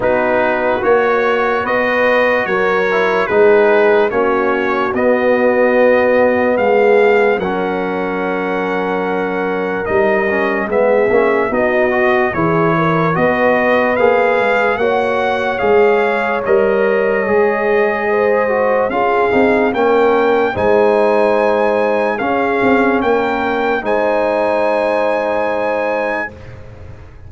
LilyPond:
<<
  \new Staff \with { instrumentName = "trumpet" } { \time 4/4 \tempo 4 = 73 b'4 cis''4 dis''4 cis''4 | b'4 cis''4 dis''2 | f''4 fis''2. | dis''4 e''4 dis''4 cis''4 |
dis''4 f''4 fis''4 f''4 | dis''2. f''4 | g''4 gis''2 f''4 | g''4 gis''2. | }
  \new Staff \with { instrumentName = "horn" } { \time 4/4 fis'2 b'4 ais'4 | gis'4 fis'2. | gis'4 ais'2.~ | ais'4 gis'4 fis'4 gis'8 ais'8 |
b'2 cis''2~ | cis''2 c''4 gis'4 | ais'4 c''2 gis'4 | ais'4 c''2. | }
  \new Staff \with { instrumentName = "trombone" } { \time 4/4 dis'4 fis'2~ fis'8 e'8 | dis'4 cis'4 b2~ | b4 cis'2. | dis'8 cis'8 b8 cis'8 dis'8 fis'8 e'4 |
fis'4 gis'4 fis'4 gis'4 | ais'4 gis'4. fis'8 f'8 dis'8 | cis'4 dis'2 cis'4~ | cis'4 dis'2. | }
  \new Staff \with { instrumentName = "tuba" } { \time 4/4 b4 ais4 b4 fis4 | gis4 ais4 b2 | gis4 fis2. | g4 gis8 ais8 b4 e4 |
b4 ais8 gis8 ais4 gis4 | g4 gis2 cis'8 c'8 | ais4 gis2 cis'8 c'8 | ais4 gis2. | }
>>